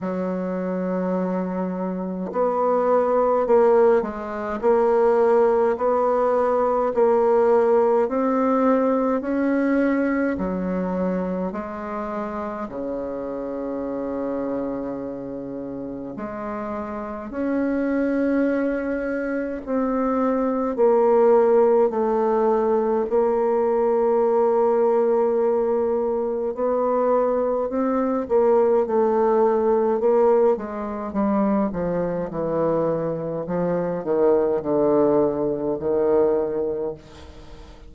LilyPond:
\new Staff \with { instrumentName = "bassoon" } { \time 4/4 \tempo 4 = 52 fis2 b4 ais8 gis8 | ais4 b4 ais4 c'4 | cis'4 fis4 gis4 cis4~ | cis2 gis4 cis'4~ |
cis'4 c'4 ais4 a4 | ais2. b4 | c'8 ais8 a4 ais8 gis8 g8 f8 | e4 f8 dis8 d4 dis4 | }